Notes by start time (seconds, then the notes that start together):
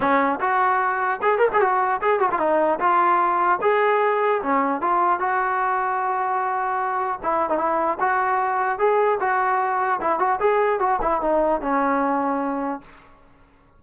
0.00 C#4
0.40 F#4
1.21 G#4
1.38 A#4
1.53 G#4
1.60 F#4
2.01 G#4
2.19 F#4
2.31 F4
2.39 D#4
2.79 F4
3.61 G#4
4.42 C#4
4.81 F4
5.19 F#4
7.22 E4
7.49 D#4
7.58 E4
7.99 F#4
8.78 G#4
9.20 F#4
10.00 E4
10.19 F#4
10.39 G#4
10.79 F#4
11.01 E4
11.21 D#4
11.61 C#4